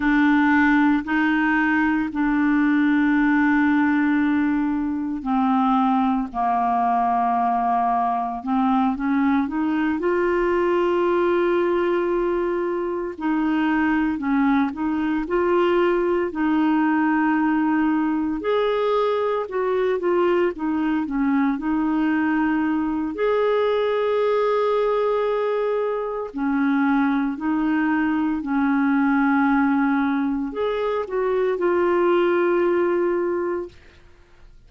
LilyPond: \new Staff \with { instrumentName = "clarinet" } { \time 4/4 \tempo 4 = 57 d'4 dis'4 d'2~ | d'4 c'4 ais2 | c'8 cis'8 dis'8 f'2~ f'8~ | f'8 dis'4 cis'8 dis'8 f'4 dis'8~ |
dis'4. gis'4 fis'8 f'8 dis'8 | cis'8 dis'4. gis'2~ | gis'4 cis'4 dis'4 cis'4~ | cis'4 gis'8 fis'8 f'2 | }